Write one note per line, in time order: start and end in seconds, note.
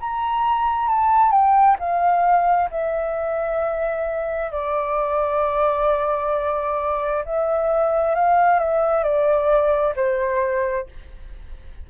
0.00 0.89 A#5
0.89 1.32 A5
1.32 1.77 G5
1.79 2.70 F5
2.71 4.52 E5
4.52 7.24 D5
7.25 8.15 E5
8.15 8.60 F5
8.60 9.04 E5
9.04 9.95 D5
9.96 10.87 C5